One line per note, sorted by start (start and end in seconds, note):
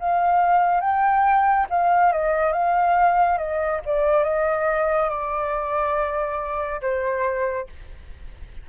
0.00 0.81 F5
0.81 1.67 G5
1.70 2.13 F5
2.13 2.53 D#5
2.53 3.38 F5
3.38 3.81 D#5
3.86 4.24 D5
4.24 5.10 D#5
5.10 6.81 D5
6.82 7.68 C5